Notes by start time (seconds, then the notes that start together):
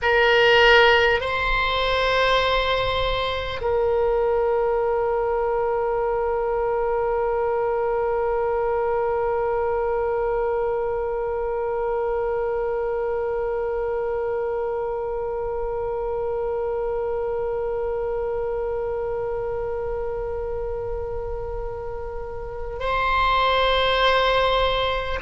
0.02 A#4
1.20 C5
3.61 A#4
22.79 C5